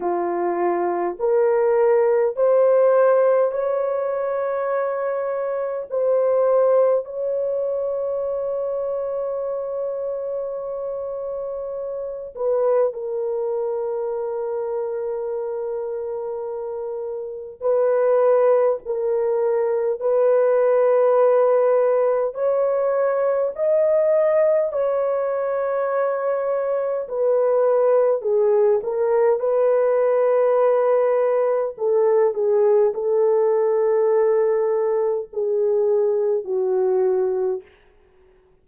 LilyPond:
\new Staff \with { instrumentName = "horn" } { \time 4/4 \tempo 4 = 51 f'4 ais'4 c''4 cis''4~ | cis''4 c''4 cis''2~ | cis''2~ cis''8 b'8 ais'4~ | ais'2. b'4 |
ais'4 b'2 cis''4 | dis''4 cis''2 b'4 | gis'8 ais'8 b'2 a'8 gis'8 | a'2 gis'4 fis'4 | }